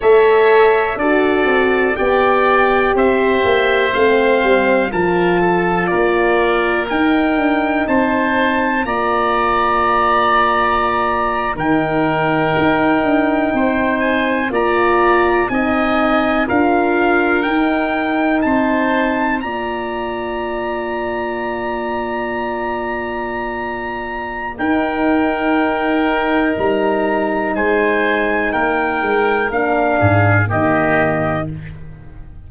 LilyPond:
<<
  \new Staff \with { instrumentName = "trumpet" } { \time 4/4 \tempo 4 = 61 e''4 d''4 g''4 e''4 | f''4 a''4 d''4 g''4 | a''4 ais''2~ ais''8. g''16~ | g''2~ g''16 gis''8 ais''4 gis''16~ |
gis''8. f''4 g''4 a''4 ais''16~ | ais''1~ | ais''4 g''2 ais''4 | gis''4 g''4 f''4 dis''4 | }
  \new Staff \with { instrumentName = "oboe" } { \time 4/4 cis''4 a'4 d''4 c''4~ | c''4 ais'8 a'8 ais'2 | c''4 d''2~ d''8. ais'16~ | ais'4.~ ais'16 c''4 d''4 dis''16~ |
dis''8. ais'2 c''4 d''16~ | d''1~ | d''4 ais'2. | c''4 ais'4. gis'8 g'4 | }
  \new Staff \with { instrumentName = "horn" } { \time 4/4 a'4 fis'4 g'2 | c'4 f'2 dis'4~ | dis'4 f'2~ f'8. dis'16~ | dis'2~ dis'8. f'4 dis'16~ |
dis'8. f'4 dis'2 f'16~ | f'1~ | f'4 dis'2.~ | dis'2 d'4 ais4 | }
  \new Staff \with { instrumentName = "tuba" } { \time 4/4 a4 d'8 c'8 b4 c'8 ais8 | a8 g8 f4 ais4 dis'8 d'8 | c'4 ais2~ ais8. dis16~ | dis8. dis'8 d'8 c'4 ais4 c'16~ |
c'8. d'4 dis'4 c'4 ais16~ | ais1~ | ais4 dis'2 g4 | gis4 ais8 gis8 ais8 gis,8 dis4 | }
>>